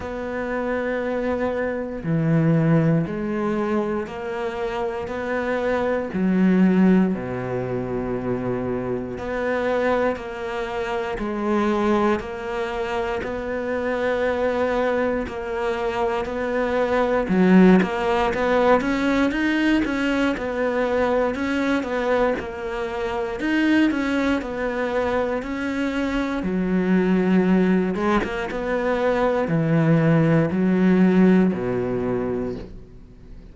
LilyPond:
\new Staff \with { instrumentName = "cello" } { \time 4/4 \tempo 4 = 59 b2 e4 gis4 | ais4 b4 fis4 b,4~ | b,4 b4 ais4 gis4 | ais4 b2 ais4 |
b4 fis8 ais8 b8 cis'8 dis'8 cis'8 | b4 cis'8 b8 ais4 dis'8 cis'8 | b4 cis'4 fis4. gis16 ais16 | b4 e4 fis4 b,4 | }